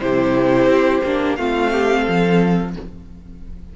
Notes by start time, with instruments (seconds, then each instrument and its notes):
0.00 cello C3, viola E4, violin G4 C5
0.66 cello C4
1.04 cello A#3, viola D4
1.35 cello A3, viola C4, violin F4 F5
1.72 violin G4
2.01 violin A4
2.08 cello F3